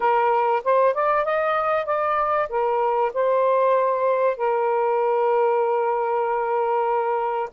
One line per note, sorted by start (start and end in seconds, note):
0.00 0.62 A#4
0.64 0.94 C5
0.94 1.24 D5
1.24 1.85 D#5
1.85 2.48 D5
2.49 3.11 A#4
3.13 4.37 C5
4.37 7.49 A#4